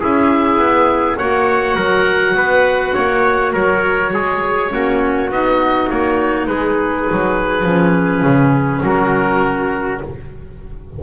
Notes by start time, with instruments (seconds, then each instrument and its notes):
0.00 double bass C#4, clarinet E4, trumpet G#4, oboe E5
0.58 double bass B3
1.17 double bass A#3, clarinet F#4, trumpet C#5, oboe F#5
1.75 double bass F#3, trumpet A#4
2.35 double bass B3, trumpet B4
2.93 double bass A#3, trumpet C#5
3.53 double bass F#3, trumpet A#4, oboe C#5
4.13 double bass G#3, trumpet G#4
4.70 double bass A#3, clarinet C#4, trumpet F#4
5.30 double bass B3, clarinet D#4, oboe D#5
5.89 double bass A#3, oboe C#5
6.47 double bass G#3, trumpet G#4, oboe B4
7.11 double bass F#3
7.63 double bass F3, clarinet C#4
8.22 double bass C#3
8.83 double bass F#3, trumpet F#4, oboe A#4